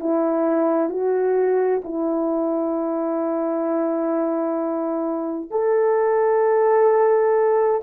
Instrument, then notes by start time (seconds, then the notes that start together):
horn
0.00 E4
0.90 F#4
1.85 E4
5.51 A4